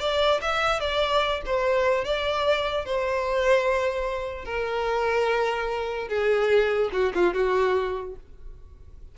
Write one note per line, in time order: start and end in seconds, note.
0.00 0.41 D5
0.42 0.80 E5
0.80 1.42 D5
1.46 2.05 C5
2.05 2.86 D5
2.86 4.45 C5
4.45 6.09 A#4
6.09 6.90 G#4
6.92 7.13 F#4
7.15 7.34 F4
7.34 8.16 F#4